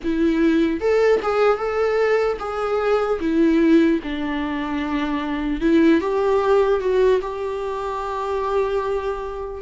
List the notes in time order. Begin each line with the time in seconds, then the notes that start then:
0.03 E4
0.80 A4
1.22 G#4
1.57 A4
2.39 G#4
3.20 E4
4.03 D4
5.60 E4
6.00 G4
6.80 F#4
7.21 G4